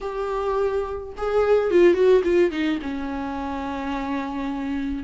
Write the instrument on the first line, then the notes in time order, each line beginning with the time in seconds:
viola
0.00 G4
1.17 G#4
1.71 F4
1.93 F#4
2.24 F4
2.51 D#4
2.82 C#4